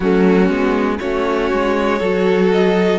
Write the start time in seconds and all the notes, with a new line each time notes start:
0.00 F#3 A3 C#4 F#4
0.48 G#3 B3
0.99 A3 C#4 F#4 C#5
1.52 G#3
1.99 F#3 F#4 A4
2.52 D#5